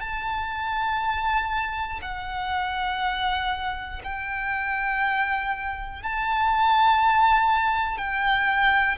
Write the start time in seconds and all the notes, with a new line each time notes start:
0.00 A5
2.01 F#5
4.04 G5
6.03 A5
7.98 G5